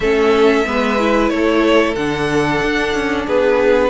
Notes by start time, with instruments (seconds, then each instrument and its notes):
0.00 cello A3, viola C#4, violin A4 E5
0.65 cello G#3, viola B3, violin B4
0.98 viola E4
1.29 cello A3, violin A4 C#5
1.95 cello D3, viola D4, violin F#5
2.62 cello D4
2.94 cello C#4
3.26 cello B3, violin G#4 B4